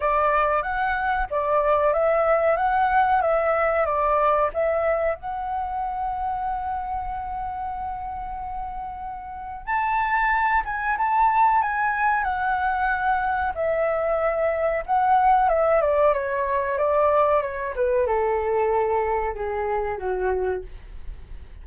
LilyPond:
\new Staff \with { instrumentName = "flute" } { \time 4/4 \tempo 4 = 93 d''4 fis''4 d''4 e''4 | fis''4 e''4 d''4 e''4 | fis''1~ | fis''2. a''4~ |
a''8 gis''8 a''4 gis''4 fis''4~ | fis''4 e''2 fis''4 | e''8 d''8 cis''4 d''4 cis''8 b'8 | a'2 gis'4 fis'4 | }